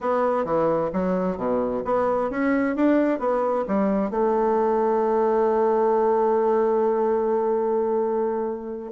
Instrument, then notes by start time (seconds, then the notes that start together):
bassoon
0.00 B3
0.44 E3
0.92 F#3
1.37 B2
1.84 B3
2.30 C#4
2.75 D4
3.19 B3
3.67 G3
4.10 A3